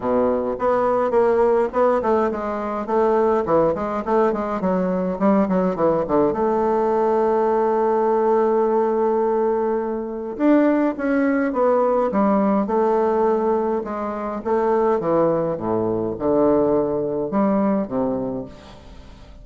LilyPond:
\new Staff \with { instrumentName = "bassoon" } { \time 4/4 \tempo 4 = 104 b,4 b4 ais4 b8 a8 | gis4 a4 e8 gis8 a8 gis8 | fis4 g8 fis8 e8 d8 a4~ | a1~ |
a2 d'4 cis'4 | b4 g4 a2 | gis4 a4 e4 a,4 | d2 g4 c4 | }